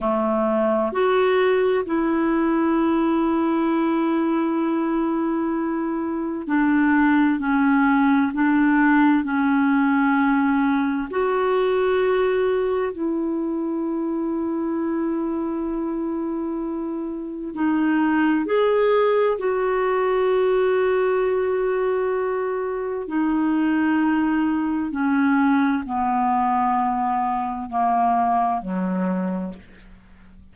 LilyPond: \new Staff \with { instrumentName = "clarinet" } { \time 4/4 \tempo 4 = 65 a4 fis'4 e'2~ | e'2. d'4 | cis'4 d'4 cis'2 | fis'2 e'2~ |
e'2. dis'4 | gis'4 fis'2.~ | fis'4 dis'2 cis'4 | b2 ais4 fis4 | }